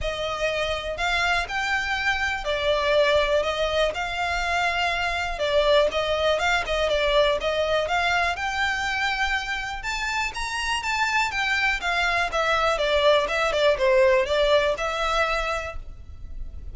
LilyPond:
\new Staff \with { instrumentName = "violin" } { \time 4/4 \tempo 4 = 122 dis''2 f''4 g''4~ | g''4 d''2 dis''4 | f''2. d''4 | dis''4 f''8 dis''8 d''4 dis''4 |
f''4 g''2. | a''4 ais''4 a''4 g''4 | f''4 e''4 d''4 e''8 d''8 | c''4 d''4 e''2 | }